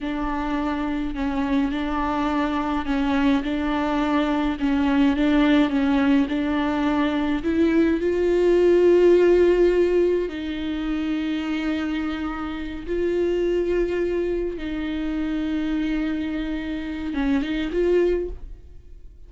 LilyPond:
\new Staff \with { instrumentName = "viola" } { \time 4/4 \tempo 4 = 105 d'2 cis'4 d'4~ | d'4 cis'4 d'2 | cis'4 d'4 cis'4 d'4~ | d'4 e'4 f'2~ |
f'2 dis'2~ | dis'2~ dis'8 f'4.~ | f'4. dis'2~ dis'8~ | dis'2 cis'8 dis'8 f'4 | }